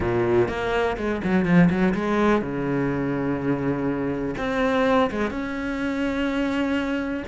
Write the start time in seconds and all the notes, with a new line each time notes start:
0.00 A#2
0.48 A#3
0.97 G#3
1.23 F#3
1.45 F3
1.70 F#3
1.94 G#3
2.41 C#3
4.37 C4
5.10 G#3
5.30 C#4